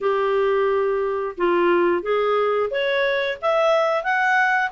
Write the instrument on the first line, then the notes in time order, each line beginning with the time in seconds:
clarinet
0.00 G4
1.37 F4
2.02 G#4
2.70 C#5
3.41 E5
4.03 F#5